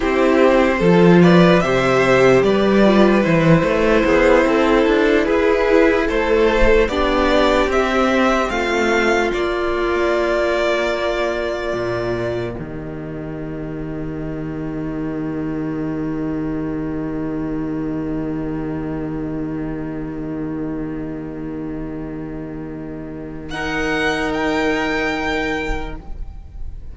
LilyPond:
<<
  \new Staff \with { instrumentName = "violin" } { \time 4/4 \tempo 4 = 74 c''4. d''8 e''4 d''4 | c''2~ c''8 b'4 c''8~ | c''8 d''4 e''4 f''4 d''8~ | d''2.~ d''8 dis''8~ |
dis''1~ | dis''1~ | dis''1~ | dis''4 fis''4 g''2 | }
  \new Staff \with { instrumentName = "violin" } { \time 4/4 g'4 a'8 b'8 c''4 b'4~ | b'4 gis'8 a'4 gis'4 a'8~ | a'8 g'2 f'4.~ | f'2.~ f'8 g'8~ |
g'1~ | g'1~ | g'1~ | g'4 ais'2. | }
  \new Staff \with { instrumentName = "viola" } { \time 4/4 e'4 f'4 g'4. f'8 | e'1~ | e'8 d'4 c'2 ais8~ | ais1~ |
ais1~ | ais1~ | ais1~ | ais4 dis'2. | }
  \new Staff \with { instrumentName = "cello" } { \time 4/4 c'4 f4 c4 g4 | e8 a8 b8 c'8 d'8 e'4 a8~ | a8 b4 c'4 a4 ais8~ | ais2~ ais8 ais,4 dis8~ |
dis1~ | dis1~ | dis1~ | dis1 | }
>>